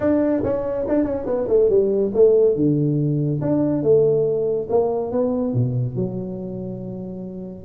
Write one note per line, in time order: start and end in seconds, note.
0.00 0.42 D4
0.43 0.86 C#4
0.88 1.04 D4
1.04 1.25 C#4
1.26 1.47 B3
1.47 1.69 A3
1.69 2.11 G3
2.14 2.55 A3
2.55 3.40 D3
3.41 3.83 D4
3.83 4.68 A3
4.69 5.11 A#3
5.11 5.53 B3
5.53 5.95 B2
5.95 7.65 F#3